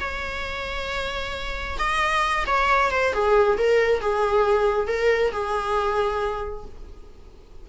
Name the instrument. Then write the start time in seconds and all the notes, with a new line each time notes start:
viola
0.00 C#5
1.79 D#5
2.47 C#5
2.91 C5
3.13 G#4
3.58 A#4
4.01 G#4
4.88 A#4
5.32 G#4